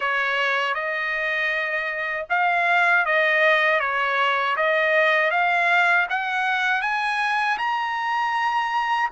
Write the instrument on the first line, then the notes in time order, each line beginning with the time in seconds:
trumpet
0.00 C#5
0.74 D#5
2.29 F5
3.06 D#5
3.80 C#5
4.56 D#5
5.31 F5
6.09 F#5
6.81 G#5
7.58 A#5